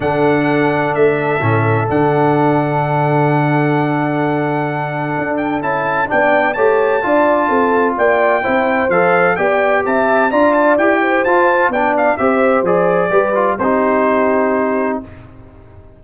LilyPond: <<
  \new Staff \with { instrumentName = "trumpet" } { \time 4/4 \tempo 4 = 128 fis''2 e''2 | fis''1~ | fis''2.~ fis''8 g''8 | a''4 g''4 a''2~ |
a''4 g''2 f''4 | g''4 a''4 ais''8 a''8 g''4 | a''4 g''8 f''8 e''4 d''4~ | d''4 c''2. | }
  \new Staff \with { instrumentName = "horn" } { \time 4/4 a'1~ | a'1~ | a'1~ | a'4 d''4 cis''4 d''4 |
a'4 d''4 c''2 | d''4 e''4 d''4. c''8~ | c''4 d''4 c''2 | b'4 g'2. | }
  \new Staff \with { instrumentName = "trombone" } { \time 4/4 d'2. cis'4 | d'1~ | d'1 | e'4 d'4 g'4 f'4~ |
f'2 e'4 a'4 | g'2 f'4 g'4 | f'4 d'4 g'4 gis'4 | g'8 f'8 dis'2. | }
  \new Staff \with { instrumentName = "tuba" } { \time 4/4 d2 a4 a,4 | d1~ | d2. d'4 | cis'4 b4 a4 d'4 |
c'4 ais4 c'4 f4 | b4 c'4 d'4 e'4 | f'4 b4 c'4 f4 | g4 c'2. | }
>>